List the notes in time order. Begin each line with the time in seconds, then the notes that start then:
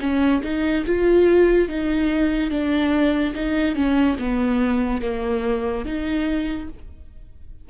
0.00 C#4
0.43 D#4
0.86 F4
1.69 D#4
2.50 D4
3.34 D#4
3.75 C#4
4.19 B3
5.02 A#3
5.85 D#4